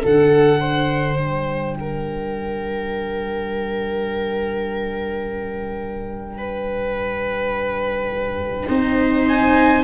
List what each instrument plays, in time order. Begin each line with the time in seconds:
0.00 tuba D3, cello D4, viola A4, violin F#5
0.60 viola C5
1.18 tuba G3, violin G5
1.80 viola A#4
6.38 viola B4
8.68 tuba C4, cello D#4, viola C5
9.28 violin G#5